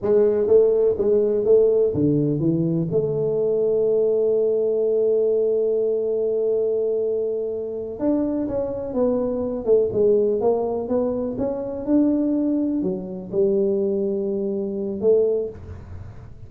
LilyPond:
\new Staff \with { instrumentName = "tuba" } { \time 4/4 \tempo 4 = 124 gis4 a4 gis4 a4 | d4 e4 a2~ | a1~ | a1~ |
a8 d'4 cis'4 b4. | a8 gis4 ais4 b4 cis'8~ | cis'8 d'2 fis4 g8~ | g2. a4 | }